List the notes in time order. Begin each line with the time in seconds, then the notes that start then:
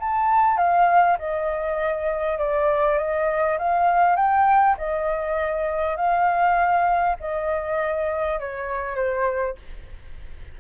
0.00 A5
0.57 F5
1.19 D#5
2.39 D5
2.98 D#5
3.59 F5
4.16 G5
4.78 D#5
5.96 F5
7.20 D#5
8.40 C#5
8.96 C5